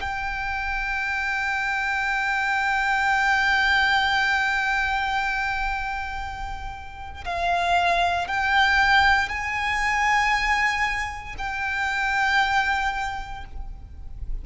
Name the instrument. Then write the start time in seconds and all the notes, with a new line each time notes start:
violin
0.00 G5
7.24 F5
8.27 G5
9.28 G#5
11.37 G5